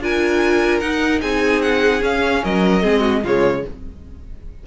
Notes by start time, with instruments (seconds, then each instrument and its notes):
0.00 cello D4, viola F4, violin A#4 G#5
0.80 cello D#4, viola D#4, violin F#5
1.21 cello C4, violin G#4 G#5
1.62 violin F#5
2.01 viola C#4, cello C#4, violin F5
2.44 cello F#3, violin A#4 D#5
2.82 cello G#3, viola C4, violin G#4
3.00 violin F#4
3.23 cello C#3, viola G#3, violin F4 C#5